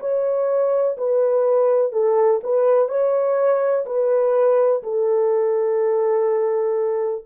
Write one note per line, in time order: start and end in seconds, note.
0.00 0.97 C#5
0.97 1.92 B4
1.92 2.41 A4
2.43 2.88 B4
2.88 3.85 C#5
3.86 4.83 B4
4.83 7.25 A4